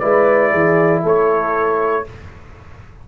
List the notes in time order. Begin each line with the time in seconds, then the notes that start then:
0.00 G#3 E4 B4 D5
0.51 E3 G#4
1.04 A3 A4 C#5